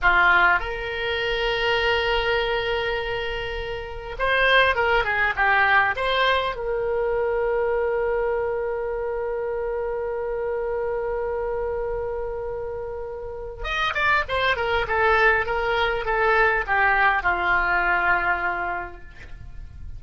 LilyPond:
\new Staff \with { instrumentName = "oboe" } { \time 4/4 \tempo 4 = 101 f'4 ais'2.~ | ais'2. c''4 | ais'8 gis'8 g'4 c''4 ais'4~ | ais'1~ |
ais'1~ | ais'2. dis''8 d''8 | c''8 ais'8 a'4 ais'4 a'4 | g'4 f'2. | }